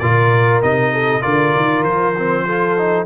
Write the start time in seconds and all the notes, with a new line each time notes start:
0.00 A#2 F4 A#4 D5
0.63 C3 D#4 D#5
0.94 A4
1.22 D3 F4 A#4 D5
1.57 D#3
1.83 F3 C5
2.17 C4
2.46 F4 A4
2.78 D#4